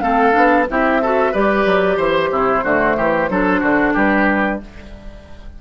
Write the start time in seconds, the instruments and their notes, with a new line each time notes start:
0.00 bassoon A3, clarinet C4, oboe A4, flute F5
0.32 bassoon B3, clarinet D4
0.70 bassoon C4, clarinet E4, oboe G4, flute E5
1.01 clarinet F#4, oboe A4
1.32 bassoon G3, clarinet G4, oboe B4, flute D5
1.65 bassoon F#3
1.97 bassoon E3, oboe C5, flute C5
2.31 bassoon C3, oboe E4
2.63 bassoon D3, clarinet A3, oboe F#4
2.97 bassoon E3, oboe G4
3.29 bassoon F#3, clarinet D4, oboe A4
3.60 bassoon D3, oboe F#4
3.93 bassoon G3, oboe G4, flute B4